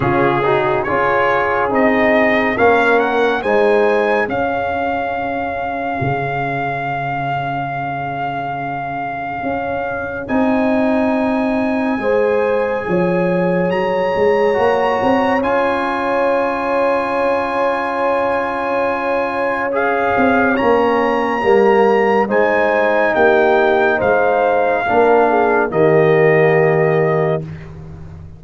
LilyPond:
<<
  \new Staff \with { instrumentName = "trumpet" } { \time 4/4 \tempo 4 = 70 gis'4 cis''4 dis''4 f''8 fis''8 | gis''4 f''2.~ | f''1 | gis''1 |
ais''2 gis''2~ | gis''2. f''4 | ais''2 gis''4 g''4 | f''2 dis''2 | }
  \new Staff \with { instrumentName = "horn" } { \time 4/4 f'8 fis'8 gis'2 ais'4 | c''4 gis'2.~ | gis'1~ | gis'2 c''4 cis''4~ |
cis''1~ | cis''1~ | cis''2 c''4 g'4 | c''4 ais'8 gis'8 g'2 | }
  \new Staff \with { instrumentName = "trombone" } { \time 4/4 cis'8 dis'8 f'4 dis'4 cis'4 | dis'4 cis'2.~ | cis'1 | dis'2 gis'2~ |
gis'4 fis'4 f'2~ | f'2. gis'4 | cis'4 ais4 dis'2~ | dis'4 d'4 ais2 | }
  \new Staff \with { instrumentName = "tuba" } { \time 4/4 cis4 cis'4 c'4 ais4 | gis4 cis'2 cis4~ | cis2. cis'4 | c'2 gis4 f4 |
fis8 gis8 ais8 c'8 cis'2~ | cis'2.~ cis'8 c'8 | ais4 g4 gis4 ais4 | gis4 ais4 dis2 | }
>>